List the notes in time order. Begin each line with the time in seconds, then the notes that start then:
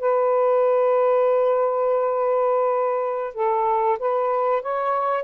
0.00 B4
3.35 A4
4.00 B4
4.62 C#5